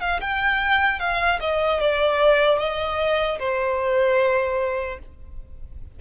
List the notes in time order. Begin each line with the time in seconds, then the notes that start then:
0.00 F5
0.21 G5
0.99 F5
1.40 D#5
1.80 D5
2.58 D#5
3.39 C5